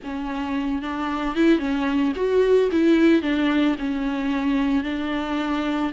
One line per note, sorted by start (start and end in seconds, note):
0.03 0.82 C#4
0.82 1.35 D4
1.35 1.58 E4
1.58 2.12 C#4
2.15 2.69 F#4
2.71 3.22 E4
3.22 3.76 D4
3.78 4.83 C#4
4.83 5.91 D4